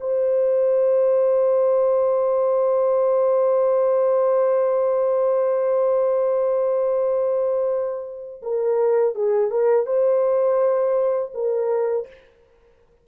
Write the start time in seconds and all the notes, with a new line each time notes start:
0.00 C5
8.42 A#4
9.15 G#4
9.50 A#4
9.86 C5
11.34 A#4